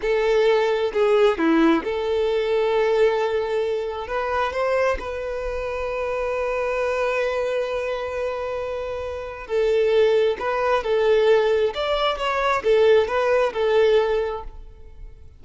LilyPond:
\new Staff \with { instrumentName = "violin" } { \time 4/4 \tempo 4 = 133 a'2 gis'4 e'4 | a'1~ | a'4 b'4 c''4 b'4~ | b'1~ |
b'1~ | b'4 a'2 b'4 | a'2 d''4 cis''4 | a'4 b'4 a'2 | }